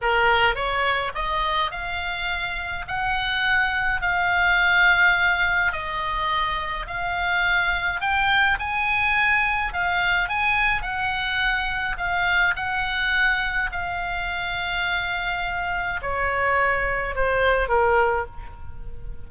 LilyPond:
\new Staff \with { instrumentName = "oboe" } { \time 4/4 \tempo 4 = 105 ais'4 cis''4 dis''4 f''4~ | f''4 fis''2 f''4~ | f''2 dis''2 | f''2 g''4 gis''4~ |
gis''4 f''4 gis''4 fis''4~ | fis''4 f''4 fis''2 | f''1 | cis''2 c''4 ais'4 | }